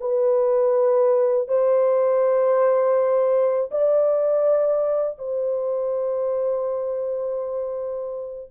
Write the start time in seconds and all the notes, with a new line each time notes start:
0.00 B4
1.48 C5
3.71 D5
5.18 C5